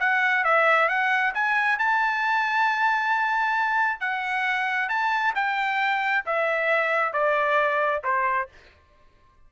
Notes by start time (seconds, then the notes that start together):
0.00 F#5
0.45 E5
0.89 F#5
1.34 G#5
1.79 A5
4.01 F#5
4.89 A5
5.35 G5
6.26 E5
7.13 D5
8.04 C5